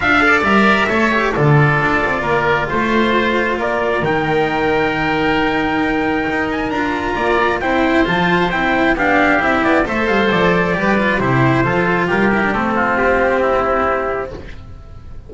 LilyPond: <<
  \new Staff \with { instrumentName = "trumpet" } { \time 4/4 \tempo 4 = 134 f''4 e''2 d''4~ | d''2 c''2 | d''4 g''2.~ | g''2~ g''8 gis''8 ais''4~ |
ais''4 g''4 a''4 g''4 | f''4 e''8 d''8 e''8 f''8 d''4~ | d''4 c''2 ais'4 | a'4 g'2. | }
  \new Staff \with { instrumentName = "oboe" } { \time 4/4 e''8 d''4. cis''4 a'4~ | a'4 ais'4 c''2 | ais'1~ | ais'1 |
d''4 c''2. | g'2 c''2 | b'4 g'4 a'4 g'4~ | g'8 f'4. e'2 | }
  \new Staff \with { instrumentName = "cello" } { \time 4/4 f'8 a'8 ais'4 a'8 g'8 f'4~ | f'1~ | f'4 dis'2.~ | dis'2. f'4~ |
f'4 e'4 f'4 e'4 | d'4 e'4 a'2 | g'8 f'8 e'4 f'4. e'16 d'16 | c'1 | }
  \new Staff \with { instrumentName = "double bass" } { \time 4/4 d'4 g4 a4 d4 | d'8 c'8 ais4 a2 | ais4 dis2.~ | dis2 dis'4 d'4 |
ais4 c'4 f4 c'4 | b4 c'8 b8 a8 g8 f4 | g4 c4 f4 g4 | a4 c'2. | }
>>